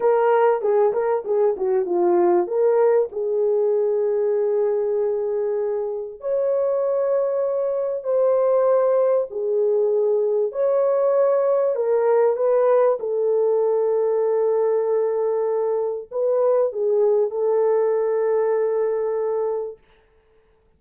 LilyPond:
\new Staff \with { instrumentName = "horn" } { \time 4/4 \tempo 4 = 97 ais'4 gis'8 ais'8 gis'8 fis'8 f'4 | ais'4 gis'2.~ | gis'2 cis''2~ | cis''4 c''2 gis'4~ |
gis'4 cis''2 ais'4 | b'4 a'2.~ | a'2 b'4 gis'4 | a'1 | }